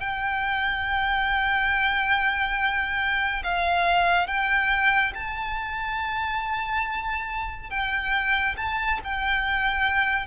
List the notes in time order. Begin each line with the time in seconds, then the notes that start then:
0.00 G5
3.44 F5
4.27 G5
5.14 A5
7.70 G5
8.57 A5
9.04 G5